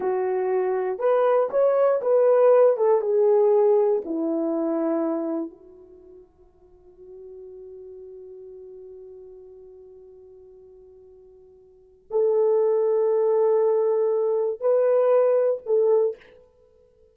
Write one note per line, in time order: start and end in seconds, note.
0.00 0.98 F#4
0.98 1.49 B4
1.50 2.00 C#5
2.01 2.76 B4
2.76 3.01 A4
3.01 4.02 G#4
4.04 5.50 E4
5.50 12.05 F#4
12.10 14.60 A4
14.60 15.61 B4
15.66 16.16 A4